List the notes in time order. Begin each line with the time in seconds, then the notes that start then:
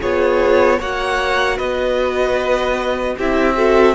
0.00 B3 F4 G#4 C#5
0.79 A#3 F#4 C#5 F#5
1.57 B3 B4 D#5
3.17 C4 E4 G4 E5
3.56 F#4 A4